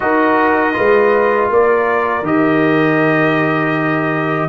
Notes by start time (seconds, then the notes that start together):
0.00 D#4 F#4 A#4 D#5
0.73 G#3 F4 B4
1.49 A#3 A#4 D5
2.22 D#3 G4 D#5